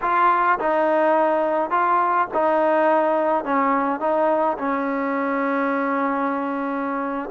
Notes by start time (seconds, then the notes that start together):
0.01 F4
0.59 D#4
1.70 F4
2.34 D#4
3.44 C#4
3.99 D#4
4.58 C#4